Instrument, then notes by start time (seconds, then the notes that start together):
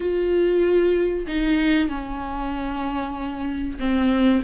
viola
0.00 F4
1.27 D#4
1.88 C#4
3.79 C4